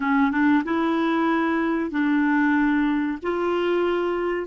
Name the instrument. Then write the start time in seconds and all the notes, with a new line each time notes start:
clarinet
0.00 C#4
0.31 D4
0.64 E4
1.90 D4
3.22 F4